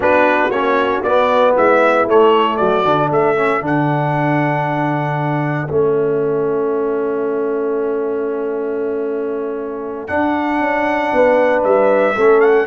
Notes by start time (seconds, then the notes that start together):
0.00 B3 D4 F#4 B4
0.50 A#3 C#4 C#5
1.03 B3 D5
1.55 G#3 E4 E5
2.06 A3 C#5
2.57 F#3 F#4 D5
2.84 D3 D4
3.10 A3 A4 E5
3.35 C#4
3.61 D3 D4 F#5
5.69 A3 C#4 E5
10.07 D4 F#5
10.59 C#4
11.12 B3 B4
11.63 G3 E5
12.15 A3 C#4 A4
12.41 F#5